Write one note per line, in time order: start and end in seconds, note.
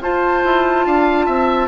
0.00 0.42 F4
0.00 1.68 F4
0.00 0.86 C5
0.00 1.68 A5
0.44 0.85 E4
0.85 1.27 D4
0.85 1.25 F5
1.25 1.68 C4
1.25 1.68 E5